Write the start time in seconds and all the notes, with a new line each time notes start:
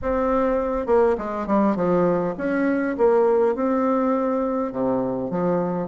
0.02 C4
0.86 A#3
1.18 G#3
1.46 G3
1.76 F3
2.37 C#4
2.97 A#3
3.55 C4
4.72 C3
5.30 F3